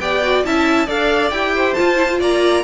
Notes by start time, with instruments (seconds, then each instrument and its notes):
0.00 cello B3, viola G4, violin D5 G5
0.23 viola F#4
0.44 cello C#4, viola E4, violin E5 A5
0.86 cello D4, viola A4, violin D5 F5
1.31 cello E4, viola G4, violin G5
1.56 violin C5
1.74 viola F4, violin A5
1.81 cello F4
1.96 viola E4
2.09 viola F4
2.20 cello A#3, violin D5 A#5